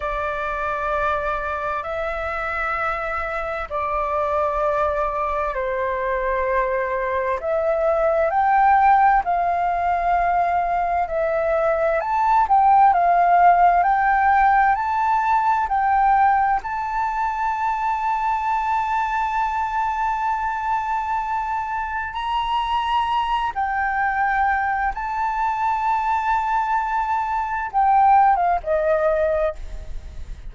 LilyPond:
\new Staff \with { instrumentName = "flute" } { \time 4/4 \tempo 4 = 65 d''2 e''2 | d''2 c''2 | e''4 g''4 f''2 | e''4 a''8 g''8 f''4 g''4 |
a''4 g''4 a''2~ | a''1 | ais''4. g''4. a''4~ | a''2 g''8. f''16 dis''4 | }